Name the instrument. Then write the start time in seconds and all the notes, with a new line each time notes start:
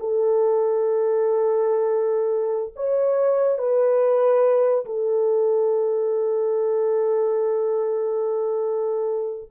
horn
0.00 A4
2.76 C#5
3.59 B4
4.86 A4